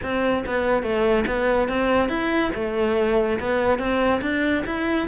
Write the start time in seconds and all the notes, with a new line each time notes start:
0.02 C4
0.46 B3
0.82 A3
1.26 B3
1.68 C4
2.08 E4
2.54 A3
3.39 B3
3.78 C4
4.21 D4
4.65 E4